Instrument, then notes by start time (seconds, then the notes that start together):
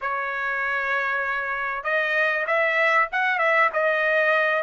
trumpet
0.01 C#5
1.83 D#5
2.46 E5
3.12 F#5
3.38 E5
3.73 D#5